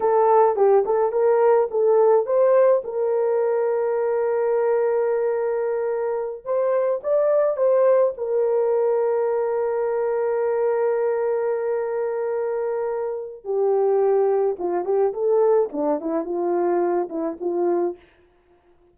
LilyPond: \new Staff \with { instrumentName = "horn" } { \time 4/4 \tempo 4 = 107 a'4 g'8 a'8 ais'4 a'4 | c''4 ais'2.~ | ais'2.~ ais'8 c''8~ | c''8 d''4 c''4 ais'4.~ |
ais'1~ | ais'1 | g'2 f'8 g'8 a'4 | d'8 e'8 f'4. e'8 f'4 | }